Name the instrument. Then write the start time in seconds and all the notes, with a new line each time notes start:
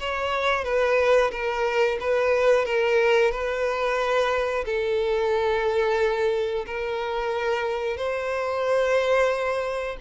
violin
0.00 C#5
0.65 B4
1.32 A#4
2.01 B4
2.66 A#4
3.32 B4
4.66 A4
6.67 A#4
7.97 C5